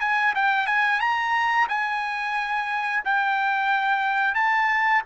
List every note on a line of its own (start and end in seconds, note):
0.00 0.34 G#5
0.35 0.66 G5
0.66 1.00 G#5
1.00 1.67 A#5
1.69 3.03 G#5
3.05 4.35 G5
4.35 5.02 A5